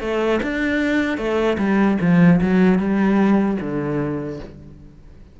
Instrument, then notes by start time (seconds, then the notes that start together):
cello
0.00 A3
0.42 D4
1.17 A3
1.58 G3
2.01 F3
2.41 F#3
2.78 G3
3.60 D3